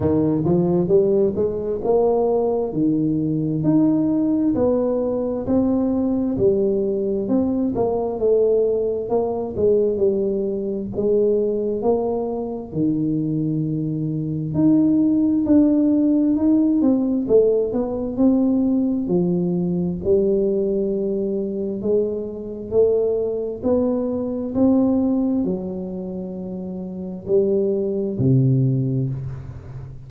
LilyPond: \new Staff \with { instrumentName = "tuba" } { \time 4/4 \tempo 4 = 66 dis8 f8 g8 gis8 ais4 dis4 | dis'4 b4 c'4 g4 | c'8 ais8 a4 ais8 gis8 g4 | gis4 ais4 dis2 |
dis'4 d'4 dis'8 c'8 a8 b8 | c'4 f4 g2 | gis4 a4 b4 c'4 | fis2 g4 c4 | }